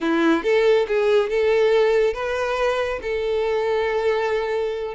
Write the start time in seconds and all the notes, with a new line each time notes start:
0.00 E4
0.43 A4
0.87 G#4
1.29 A4
2.13 B4
3.02 A4